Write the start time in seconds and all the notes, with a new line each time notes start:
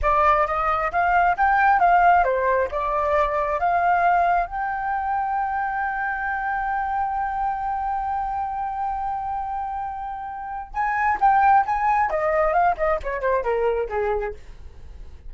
0.01 D5
0.46 D#5
0.91 F5
1.37 G5
1.79 F5
2.23 C5
2.71 D5
3.59 F5
4.46 G5
10.73 G#5
11.20 G5
11.66 G#5
12.10 D#5
12.53 F5
12.77 D#5
13.03 C#5
13.20 C5
13.43 A#4
13.89 G#4